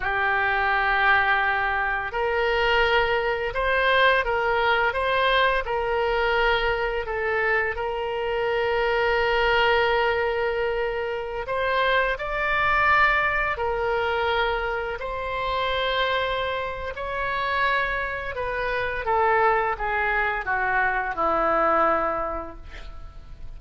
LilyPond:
\new Staff \with { instrumentName = "oboe" } { \time 4/4 \tempo 4 = 85 g'2. ais'4~ | ais'4 c''4 ais'4 c''4 | ais'2 a'4 ais'4~ | ais'1~ |
ais'16 c''4 d''2 ais'8.~ | ais'4~ ais'16 c''2~ c''8. | cis''2 b'4 a'4 | gis'4 fis'4 e'2 | }